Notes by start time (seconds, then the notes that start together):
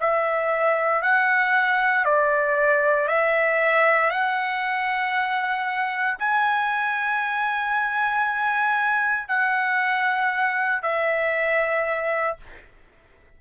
0.00 E5
1.02 F#5
2.05 D5
3.08 E5
4.10 F#5
6.19 G#5
9.28 F#5
10.82 E5